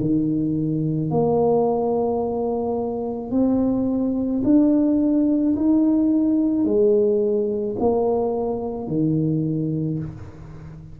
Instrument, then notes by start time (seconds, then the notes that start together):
tuba
0.00 D#3
1.11 A#3
3.31 C4
4.44 D4
5.57 D#4
6.65 G#3
7.79 A#3
8.87 D#3